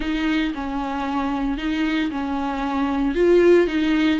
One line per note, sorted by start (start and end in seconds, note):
0.00 0.53 D#4
0.54 1.57 C#4
1.57 2.10 D#4
2.11 3.14 C#4
3.14 3.67 F4
3.67 4.20 D#4